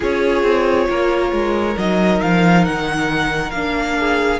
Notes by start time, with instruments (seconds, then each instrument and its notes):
0.00 cello C#4, viola F4, violin G#4 C#5
0.42 cello C4
0.89 cello A#3, violin A#4
1.32 cello G#3
1.77 cello F#3, viola D#4, violin D#5
2.21 cello F3, violin F5
2.64 cello D#3, violin F#5
3.51 cello A#3, viola D4, violin F5
3.98 violin G#4